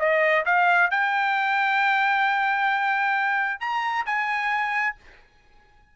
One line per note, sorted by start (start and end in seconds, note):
0.00 0.45 D#5
0.46 0.91 F5
0.91 3.61 G5
3.61 4.06 A#5
4.06 4.96 G#5